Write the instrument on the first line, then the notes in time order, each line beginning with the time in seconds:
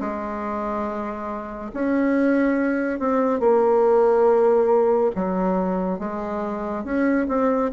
bassoon
0.00 G#3
1.73 C#4
3.00 C4
3.40 A#3
5.15 F#3
5.99 G#3
6.84 C#4
7.28 C4